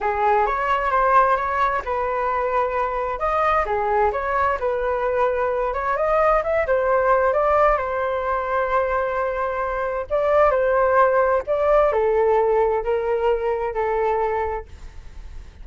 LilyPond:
\new Staff \with { instrumentName = "flute" } { \time 4/4 \tempo 4 = 131 gis'4 cis''4 c''4 cis''4 | b'2. dis''4 | gis'4 cis''4 b'2~ | b'8 cis''8 dis''4 e''8 c''4. |
d''4 c''2.~ | c''2 d''4 c''4~ | c''4 d''4 a'2 | ais'2 a'2 | }